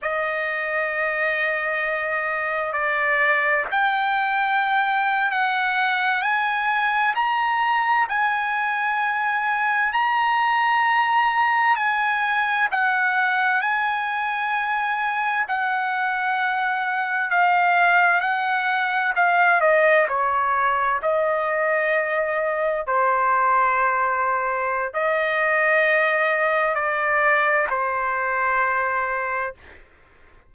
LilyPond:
\new Staff \with { instrumentName = "trumpet" } { \time 4/4 \tempo 4 = 65 dis''2. d''4 | g''4.~ g''16 fis''4 gis''4 ais''16~ | ais''8. gis''2 ais''4~ ais''16~ | ais''8. gis''4 fis''4 gis''4~ gis''16~ |
gis''8. fis''2 f''4 fis''16~ | fis''8. f''8 dis''8 cis''4 dis''4~ dis''16~ | dis''8. c''2~ c''16 dis''4~ | dis''4 d''4 c''2 | }